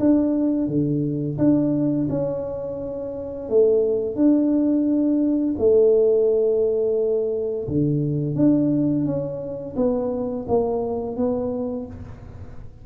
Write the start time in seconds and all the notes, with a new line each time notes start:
0.00 D4
0.68 D3
1.39 D4
2.10 C#4
3.49 A3
4.16 D4
5.59 A3
7.69 D3
8.36 D4
9.06 C#4
9.76 B3
10.48 A#3
11.17 B3